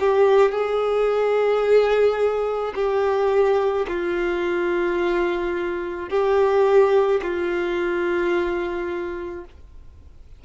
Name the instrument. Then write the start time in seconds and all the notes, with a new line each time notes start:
violin
0.00 G4
0.51 G#4
2.75 G4
3.88 F4
6.10 G4
7.22 F4